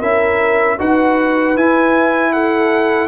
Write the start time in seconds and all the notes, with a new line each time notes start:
0.00 C#4 E4 A#4 E5
0.79 D#4 F#4 B4 F#5
1.56 E4 G#5
2.33 A4 F#5